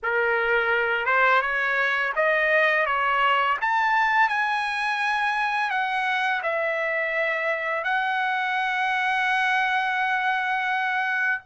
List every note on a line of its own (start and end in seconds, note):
0.02 1.05 A#4
1.05 1.41 C5
1.41 2.12 C#5
2.15 2.86 D#5
2.86 3.57 C#5
3.61 4.29 A5
4.29 5.70 G#5
5.70 6.41 F#5
6.43 7.83 E5
7.83 11.41 F#5